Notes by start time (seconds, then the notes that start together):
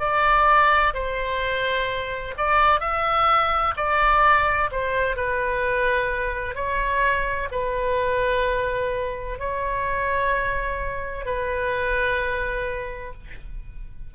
0.00 D5
0.94 C5
2.38 D5
2.81 E5
3.77 D5
4.72 C5
5.16 B4
6.55 C#5
7.52 B4
9.40 C#5
11.26 B4